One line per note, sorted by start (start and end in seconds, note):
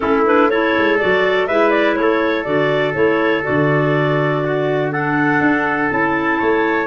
0.00 0.77 A3
0.00 0.23 C#4
0.00 0.50 E4
0.00 0.23 A4
0.25 0.50 D4
0.25 0.49 B4
0.49 0.99 E4
0.49 1.47 A4
0.49 0.98 C#5
0.77 1.02 G#3
0.98 1.49 F#3
0.98 1.48 F#4
0.98 1.46 D5
1.46 1.98 G#3
1.46 2.44 E4
1.46 1.97 B4
1.46 1.70 E5
1.70 1.95 D5
1.95 2.46 A3
1.95 2.44 C#5
2.01 4.43 A4
2.44 2.95 D3
2.44 2.93 F#4
2.44 2.93 D5
2.93 3.45 A3
2.93 3.42 E4
2.93 3.43 C#5
3.42 5.40 D3
3.42 4.90 F#4
3.42 4.91 D5
4.43 4.93 F#4
4.91 5.89 D4
4.91 6.38 A4
4.91 5.89 F#5
5.40 5.89 D4
5.89 6.40 C#4
5.89 6.87 E4
5.89 6.87 A5
6.38 6.87 A3
6.38 6.87 C#5